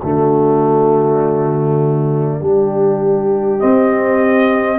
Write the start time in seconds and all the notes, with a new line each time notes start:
0.00 D3 A3 F#4 D5
2.40 G3 D4 G4
3.59 C4 D#5